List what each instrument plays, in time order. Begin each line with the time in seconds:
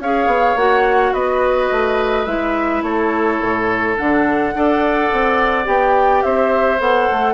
0.00 bassoon C#4, clarinet G#4, oboe C#5, flute F5
0.27 bassoon B3
0.56 bassoon A#3, clarinet F#4, flute F#5
1.13 bassoon B3, oboe B4, flute D#5
1.72 bassoon A3
2.26 bassoon G#3, clarinet E4, flute E5
2.83 bassoon A3, oboe A4, flute C#5
3.41 bassoon A2
3.97 bassoon D3, clarinet D4, flute F#5
4.55 bassoon D4, clarinet A4, oboe D5
5.13 bassoon C4
5.65 bassoon B3, clarinet G4, flute G5
6.23 bassoon C4, oboe C5, flute E5
6.79 bassoon B3, clarinet A4, flute F#5
7.12 bassoon A3